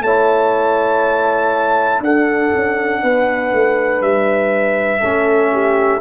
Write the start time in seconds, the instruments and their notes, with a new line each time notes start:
0.00 tuba A3, trombone E4, horn C#5, trumpet A5
2.00 tuba D4, trombone D4, horn A4, trumpet F#5
2.54 tuba C#4
3.02 tuba B3, horn B4
3.52 tuba A3
4.01 tuba G3, trumpet E5
5.00 tuba A3, trombone C#4, horn A4
5.53 horn G4